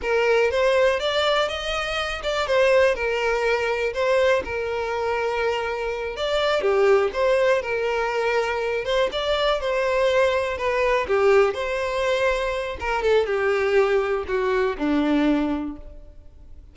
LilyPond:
\new Staff \with { instrumentName = "violin" } { \time 4/4 \tempo 4 = 122 ais'4 c''4 d''4 dis''4~ | dis''8 d''8 c''4 ais'2 | c''4 ais'2.~ | ais'8 d''4 g'4 c''4 ais'8~ |
ais'2 c''8 d''4 c''8~ | c''4. b'4 g'4 c''8~ | c''2 ais'8 a'8 g'4~ | g'4 fis'4 d'2 | }